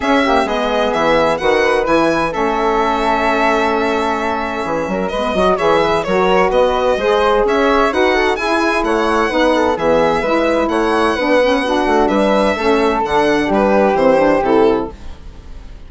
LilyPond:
<<
  \new Staff \with { instrumentName = "violin" } { \time 4/4 \tempo 4 = 129 e''4 dis''4 e''4 fis''4 | gis''4 e''2.~ | e''2. dis''4 | e''4 cis''4 dis''2 |
e''4 fis''4 gis''4 fis''4~ | fis''4 e''2 fis''4~ | fis''2 e''2 | fis''4 b'4 c''4 a'4 | }
  \new Staff \with { instrumentName = "flute" } { \time 4/4 gis'8 g'8 gis'2 b'4~ | b'4 a'2.~ | a'2 gis'8 ais'8 b'8 dis''8 | cis''8 b'8 ais'4 b'4 c''4 |
cis''4 b'8 a'8 gis'4 cis''4 | b'8 a'8 gis'4 b'4 cis''4 | b'4 fis'4 b'4 a'4~ | a'4 g'2. | }
  \new Staff \with { instrumentName = "saxophone" } { \time 4/4 cis'8 ais8 b2 fis'4 | e'4 cis'2.~ | cis'2. b8 fis'8 | gis'4 fis'2 gis'4~ |
gis'4 fis'4 e'2 | dis'4 b4 e'2 | d'8 cis'8 d'2 cis'4 | d'2 c'8 d'8 e'4 | }
  \new Staff \with { instrumentName = "bassoon" } { \time 4/4 cis'4 gis4 e4 dis4 | e4 a2.~ | a2 e8 fis8 gis8 fis8 | e4 fis4 b4 gis4 |
cis'4 dis'4 e'4 a4 | b4 e4 gis4 a4 | b4. a8 g4 a4 | d4 g4 e4 c4 | }
>>